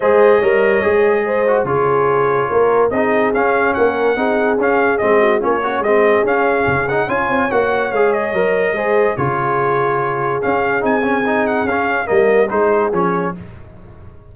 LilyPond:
<<
  \new Staff \with { instrumentName = "trumpet" } { \time 4/4 \tempo 4 = 144 dis''1 | cis''2. dis''4 | f''4 fis''2 f''4 | dis''4 cis''4 dis''4 f''4~ |
f''8 fis''8 gis''4 fis''4 f''8 dis''8~ | dis''2 cis''2~ | cis''4 f''4 gis''4. fis''8 | f''4 dis''4 c''4 cis''4 | }
  \new Staff \with { instrumentName = "horn" } { \time 4/4 c''4 cis''2 c''4 | gis'2 ais'4 gis'4~ | gis'4 ais'4 gis'2~ | gis'8 fis'8 f'8 cis'8 gis'2~ |
gis'4 cis''2.~ | cis''4 c''4 gis'2~ | gis'1~ | gis'4 ais'4 gis'2 | }
  \new Staff \with { instrumentName = "trombone" } { \time 4/4 gis'4 ais'4 gis'4. fis'8 | f'2. dis'4 | cis'2 dis'4 cis'4 | c'4 cis'8 fis'8 c'4 cis'4~ |
cis'8 dis'8 f'4 fis'4 gis'4 | ais'4 gis'4 f'2~ | f'4 cis'4 dis'8 cis'8 dis'4 | cis'4 ais4 dis'4 cis'4 | }
  \new Staff \with { instrumentName = "tuba" } { \time 4/4 gis4 g4 gis2 | cis2 ais4 c'4 | cis'4 ais4 c'4 cis'4 | gis4 ais4 gis4 cis'4 |
cis4 cis'8 c'8 ais4 gis4 | fis4 gis4 cis2~ | cis4 cis'4 c'2 | cis'4 g4 gis4 f4 | }
>>